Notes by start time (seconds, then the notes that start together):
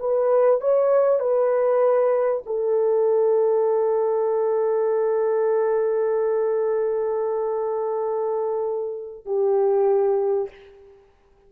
0.00 B4
0.61 C#5
1.20 B4
2.46 A4
9.26 G4